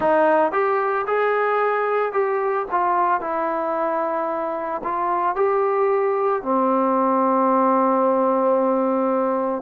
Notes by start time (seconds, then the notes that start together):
0.00 D#4
0.52 G4
1.07 G#4
2.12 G4
2.71 F4
3.20 E4
4.83 F4
5.35 G4
6.42 C4